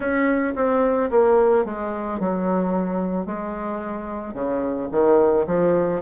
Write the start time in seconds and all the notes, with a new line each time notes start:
0.00 C#4
0.55 C4
1.10 A#3
1.65 G#3
2.19 F#3
3.25 G#3
4.33 C#3
4.91 D#3
5.46 F3